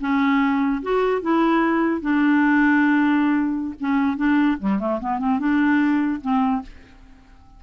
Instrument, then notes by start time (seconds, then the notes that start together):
clarinet
0.00 C#4
0.82 F#4
1.21 E4
2.01 D4
3.80 C#4
4.17 D4
4.59 G3
4.79 A3
5.00 B3
5.19 C4
5.39 D4
6.21 C4